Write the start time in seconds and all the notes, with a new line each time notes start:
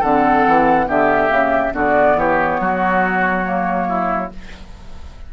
0.00 D3 C4 A4 F#5
0.47 E3
0.87 D3 B3 G4 E5
1.27 C#3 A#3
1.74 D3 B3 F#4 D5
2.16 E3 G4 C#5
2.60 F#3 F#4
3.44 A#3
3.88 E4